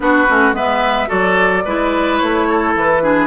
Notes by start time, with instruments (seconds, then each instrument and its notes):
0.00 bassoon B3, clarinet D4, oboe F#4, flute B4
0.28 bassoon A3, clarinet C#4
0.52 bassoon G#3, clarinet B3, oboe B4, flute E5
1.07 bassoon F#3, clarinet F#4, oboe A4, flute D5
1.65 bassoon G#3, clarinet E4, oboe B4
2.17 bassoon A3, flute C#5
2.49 oboe A4
2.75 bassoon E3, flute B4
3.02 clarinet D4, oboe G#4